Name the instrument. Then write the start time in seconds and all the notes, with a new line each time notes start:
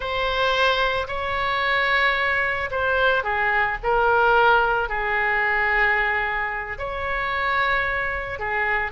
oboe
0.00 C5
1.07 C#5
2.71 C5
3.23 G#4
3.83 A#4
4.88 G#4
6.78 C#5
8.39 G#4